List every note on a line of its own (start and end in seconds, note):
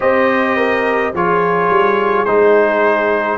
0.00 1.13 C4
0.00 1.13 G4
0.00 0.56 C5
0.00 1.14 D#5
0.56 1.12 A#4
1.13 1.69 F3
1.13 2.26 F4
1.13 3.38 G#4
1.13 2.24 C#5
1.69 2.26 G3
2.24 3.38 G#3
2.24 3.38 D#4
2.24 3.37 C5